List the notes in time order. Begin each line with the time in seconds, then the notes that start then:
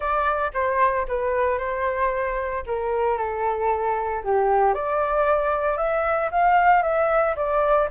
0.00 D5
0.53 C5
1.07 B4
1.58 C5
2.66 A#4
3.17 A4
4.23 G4
4.74 D5
5.77 E5
6.31 F5
6.82 E5
7.36 D5